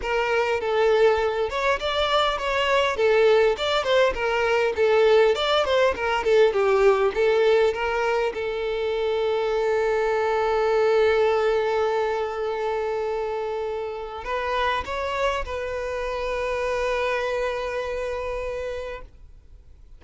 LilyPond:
\new Staff \with { instrumentName = "violin" } { \time 4/4 \tempo 4 = 101 ais'4 a'4. cis''8 d''4 | cis''4 a'4 d''8 c''8 ais'4 | a'4 d''8 c''8 ais'8 a'8 g'4 | a'4 ais'4 a'2~ |
a'1~ | a'1 | b'4 cis''4 b'2~ | b'1 | }